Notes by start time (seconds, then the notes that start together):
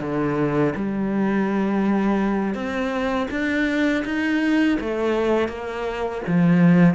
0.00 D3
0.75 G3
2.54 C4
3.31 D4
4.05 D#4
4.80 A3
5.48 A#3
6.27 F3